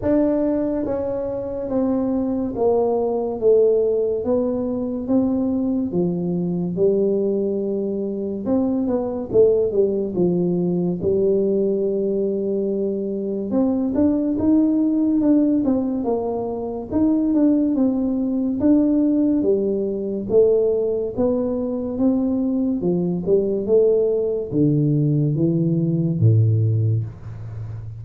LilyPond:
\new Staff \with { instrumentName = "tuba" } { \time 4/4 \tempo 4 = 71 d'4 cis'4 c'4 ais4 | a4 b4 c'4 f4 | g2 c'8 b8 a8 g8 | f4 g2. |
c'8 d'8 dis'4 d'8 c'8 ais4 | dis'8 d'8 c'4 d'4 g4 | a4 b4 c'4 f8 g8 | a4 d4 e4 a,4 | }